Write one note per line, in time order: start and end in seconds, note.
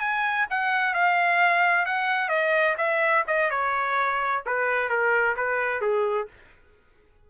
0.00 0.47 G#5
0.50 0.94 F#5
0.94 1.86 F5
1.86 2.29 F#5
2.29 2.76 D#5
2.78 3.25 E5
3.27 3.51 D#5
3.51 4.44 C#5
4.46 4.89 B4
4.89 5.36 A#4
5.36 5.81 B4
5.81 6.28 G#4